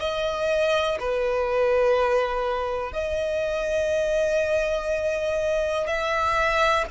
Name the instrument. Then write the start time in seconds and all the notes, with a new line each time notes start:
violin
0.00 D#5
1.00 B4
2.93 D#5
5.87 E5